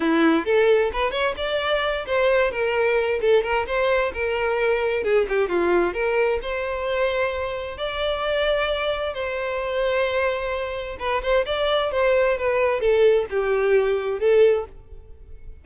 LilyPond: \new Staff \with { instrumentName = "violin" } { \time 4/4 \tempo 4 = 131 e'4 a'4 b'8 cis''8 d''4~ | d''8 c''4 ais'4. a'8 ais'8 | c''4 ais'2 gis'8 g'8 | f'4 ais'4 c''2~ |
c''4 d''2. | c''1 | b'8 c''8 d''4 c''4 b'4 | a'4 g'2 a'4 | }